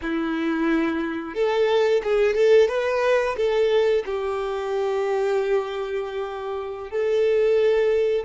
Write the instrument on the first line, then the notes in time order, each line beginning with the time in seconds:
violin
0.02 E4
1.34 A4
2.03 G#4
2.34 A4
2.68 B4
3.36 A4
4.05 G4
6.90 A4